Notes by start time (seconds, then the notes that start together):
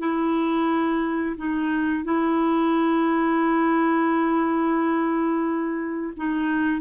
0.00 E4
1.37 D#4
2.05 E4
6.17 D#4